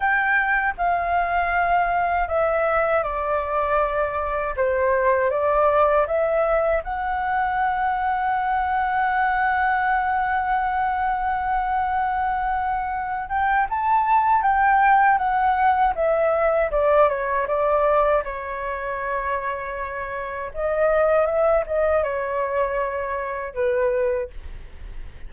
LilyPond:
\new Staff \with { instrumentName = "flute" } { \time 4/4 \tempo 4 = 79 g''4 f''2 e''4 | d''2 c''4 d''4 | e''4 fis''2.~ | fis''1~ |
fis''4. g''8 a''4 g''4 | fis''4 e''4 d''8 cis''8 d''4 | cis''2. dis''4 | e''8 dis''8 cis''2 b'4 | }